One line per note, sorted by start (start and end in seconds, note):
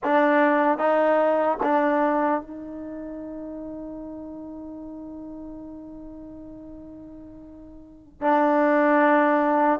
0.03 0.77 D4
0.77 1.57 D#4
1.63 2.41 D4
2.41 8.21 D#4
8.21 9.80 D4